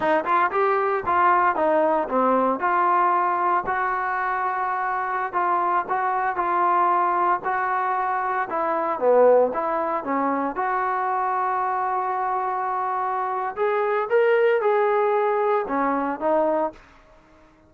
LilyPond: \new Staff \with { instrumentName = "trombone" } { \time 4/4 \tempo 4 = 115 dis'8 f'8 g'4 f'4 dis'4 | c'4 f'2 fis'4~ | fis'2~ fis'16 f'4 fis'8.~ | fis'16 f'2 fis'4.~ fis'16~ |
fis'16 e'4 b4 e'4 cis'8.~ | cis'16 fis'2.~ fis'8.~ | fis'2 gis'4 ais'4 | gis'2 cis'4 dis'4 | }